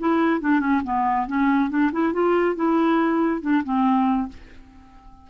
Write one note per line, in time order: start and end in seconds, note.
0.00 0.41 E4
0.41 0.60 D4
0.60 0.82 C#4
0.84 1.28 B3
1.28 1.70 C#4
1.70 1.92 D4
1.92 2.13 E4
2.13 2.56 F4
2.56 3.42 E4
3.42 3.64 D4
3.64 4.29 C4